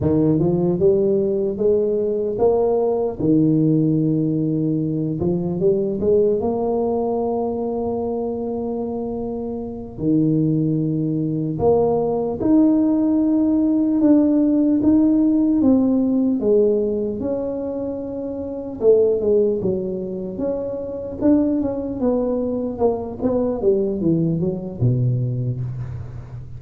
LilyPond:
\new Staff \with { instrumentName = "tuba" } { \time 4/4 \tempo 4 = 75 dis8 f8 g4 gis4 ais4 | dis2~ dis8 f8 g8 gis8 | ais1~ | ais8 dis2 ais4 dis'8~ |
dis'4. d'4 dis'4 c'8~ | c'8 gis4 cis'2 a8 | gis8 fis4 cis'4 d'8 cis'8 b8~ | b8 ais8 b8 g8 e8 fis8 b,4 | }